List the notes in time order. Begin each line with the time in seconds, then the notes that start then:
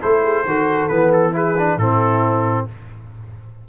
0.00 A3 E4 A4 C5
0.22 G#4
0.44 D#3 F#4 A4
0.88 E3 B3 B4
1.12 A4
1.32 E4 G#4 B4
1.57 D4
1.77 A2 C4 E4 A4